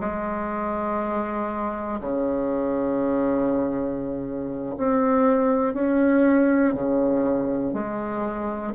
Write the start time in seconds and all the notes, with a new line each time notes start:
0.00 G#3
2.00 C#3
4.77 C4
5.74 C#4
6.74 C#3
7.74 G#3